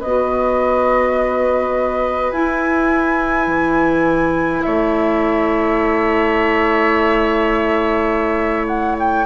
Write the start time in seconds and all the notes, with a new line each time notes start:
0.00 B3 F#4 B4 D#5
2.32 E4 G#5
3.47 E3
4.62 A3 C#5 E5
8.67 F#5
8.99 G5